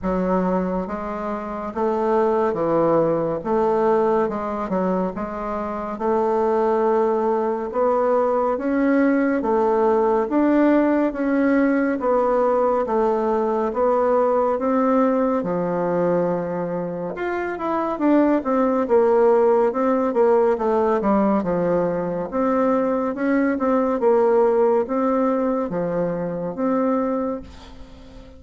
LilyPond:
\new Staff \with { instrumentName = "bassoon" } { \time 4/4 \tempo 4 = 70 fis4 gis4 a4 e4 | a4 gis8 fis8 gis4 a4~ | a4 b4 cis'4 a4 | d'4 cis'4 b4 a4 |
b4 c'4 f2 | f'8 e'8 d'8 c'8 ais4 c'8 ais8 | a8 g8 f4 c'4 cis'8 c'8 | ais4 c'4 f4 c'4 | }